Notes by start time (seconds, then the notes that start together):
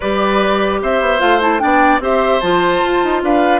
0.00 G3 G4 B4 D5
0.81 C4 C5 E5
1.00 B3
1.19 A3 F4 F5
1.40 E4 A5
1.59 B3 D4 D5 G5
1.99 C4 G4 C5 E5
2.40 F3 F4 A5
2.84 F4
3.03 D#4
3.22 D4 B4 F5